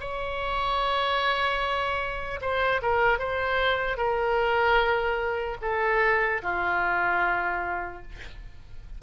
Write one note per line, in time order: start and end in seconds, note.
0.00 2.40 C#5
2.41 2.81 C5
2.82 3.19 A#4
3.19 3.97 C5
3.97 5.57 A#4
5.61 6.41 A4
6.43 8.03 F4